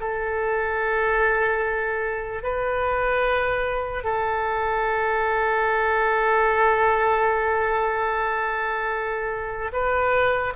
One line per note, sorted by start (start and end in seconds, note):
0.00 2.43 A4
2.43 4.04 B4
4.04 9.71 A4
9.72 10.53 B4